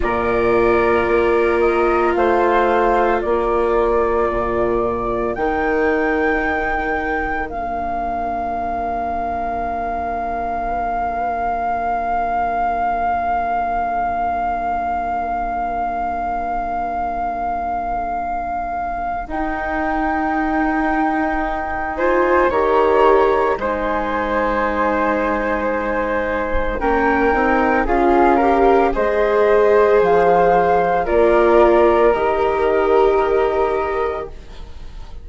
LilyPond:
<<
  \new Staff \with { instrumentName = "flute" } { \time 4/4 \tempo 4 = 56 d''4. dis''8 f''4 d''4~ | d''4 g''2 f''4~ | f''1~ | f''1~ |
f''2 g''2~ | g''8 gis''8 ais''4 gis''2~ | gis''4 g''4 f''4 dis''4 | f''4 d''4 dis''2 | }
  \new Staff \with { instrumentName = "flute" } { \time 4/4 ais'2 c''4 ais'4~ | ais'1~ | ais'1~ | ais'1~ |
ais'1~ | ais'8 c''8 cis''4 c''2~ | c''4 ais'4 gis'8 ais'8 c''4~ | c''4 ais'2. | }
  \new Staff \with { instrumentName = "viola" } { \time 4/4 f'1~ | f'4 dis'2 d'4~ | d'1~ | d'1~ |
d'2 dis'2~ | dis'8 f'8 g'4 dis'2~ | dis'4 cis'8 dis'8 f'8 g'8 gis'4~ | gis'4 f'4 g'2 | }
  \new Staff \with { instrumentName = "bassoon" } { \time 4/4 ais,4 ais4 a4 ais4 | ais,4 dis2 ais4~ | ais1~ | ais1~ |
ais2 dis'2~ | dis'4 dis4 gis2~ | gis4 ais8 c'8 cis'4 gis4 | f4 ais4 dis2 | }
>>